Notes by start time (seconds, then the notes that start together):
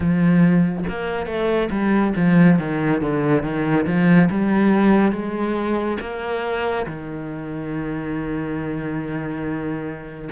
0.00 F3
0.88 A#3
1.26 A3
1.70 G3
2.16 F3
2.58 D#3
3.01 D3
3.42 D#3
3.86 F3
4.30 G3
5.12 G#3
6.00 A#3
6.86 D#3